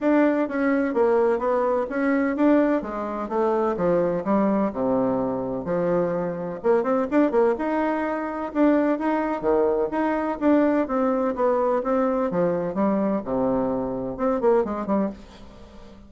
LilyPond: \new Staff \with { instrumentName = "bassoon" } { \time 4/4 \tempo 4 = 127 d'4 cis'4 ais4 b4 | cis'4 d'4 gis4 a4 | f4 g4 c2 | f2 ais8 c'8 d'8 ais8 |
dis'2 d'4 dis'4 | dis4 dis'4 d'4 c'4 | b4 c'4 f4 g4 | c2 c'8 ais8 gis8 g8 | }